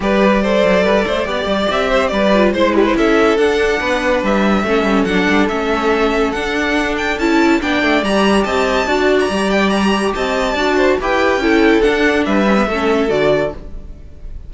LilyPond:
<<
  \new Staff \with { instrumentName = "violin" } { \time 4/4 \tempo 4 = 142 d''1 | e''4 d''4 c''8 g16 c''16 e''4 | fis''2 e''2 | fis''4 e''2 fis''4~ |
fis''8 g''8 a''4 g''4 ais''4 | a''4.~ a''16 ais''8. g''8 ais''4 | a''2 g''2 | fis''4 e''2 d''4 | }
  \new Staff \with { instrumentName = "violin" } { \time 4/4 b'4 c''4 b'8 c''8 d''4~ | d''8 c''8 b'4 c''8 b'8 a'4~ | a'4 b'2 a'4~ | a'1~ |
a'2 d''2 | dis''4 d''2. | dis''4 d''8 c''8 b'4 a'4~ | a'4 b'4 a'2 | }
  \new Staff \with { instrumentName = "viola" } { \time 4/4 g'4 a'2 g'4~ | g'4. f'8 e'2 | d'2. cis'4 | d'4 cis'2 d'4~ |
d'4 e'4 d'4 g'4~ | g'4 fis'4 g'2~ | g'4 fis'4 g'4 e'4 | d'4. cis'16 b16 cis'4 fis'4 | }
  \new Staff \with { instrumentName = "cello" } { \time 4/4 g4. fis8 g8 a8 b8 g8 | c'4 g4 gis4 cis'4 | d'4 b4 g4 a8 g8 | fis8 g8 a2 d'4~ |
d'4 cis'4 b8 a8 g4 | c'4 d'4 g2 | c'4 d'4 e'4 cis'4 | d'4 g4 a4 d4 | }
>>